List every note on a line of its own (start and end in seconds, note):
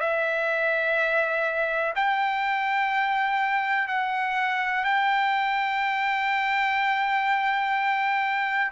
0.00 1.94 E5
1.95 3.88 G5
3.88 4.84 F#5
4.84 8.71 G5